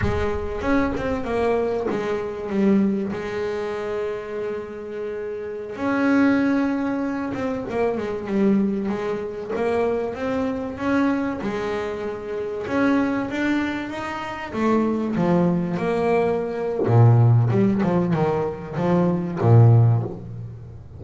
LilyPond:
\new Staff \with { instrumentName = "double bass" } { \time 4/4 \tempo 4 = 96 gis4 cis'8 c'8 ais4 gis4 | g4 gis2.~ | gis4~ gis16 cis'2~ cis'8 c'16~ | c'16 ais8 gis8 g4 gis4 ais8.~ |
ais16 c'4 cis'4 gis4.~ gis16~ | gis16 cis'4 d'4 dis'4 a8.~ | a16 f4 ais4.~ ais16 ais,4 | g8 f8 dis4 f4 ais,4 | }